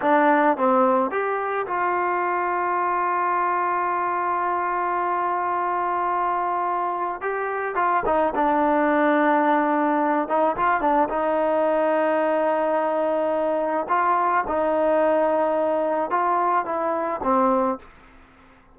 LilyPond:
\new Staff \with { instrumentName = "trombone" } { \time 4/4 \tempo 4 = 108 d'4 c'4 g'4 f'4~ | f'1~ | f'1~ | f'4 g'4 f'8 dis'8 d'4~ |
d'2~ d'8 dis'8 f'8 d'8 | dis'1~ | dis'4 f'4 dis'2~ | dis'4 f'4 e'4 c'4 | }